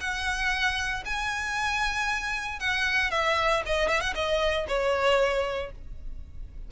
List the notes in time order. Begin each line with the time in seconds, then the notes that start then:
0.00 F#5
1.05 G#5
2.59 F#5
3.11 E5
3.66 D#5
3.88 E5
4.00 F#5
4.14 D#5
4.68 C#5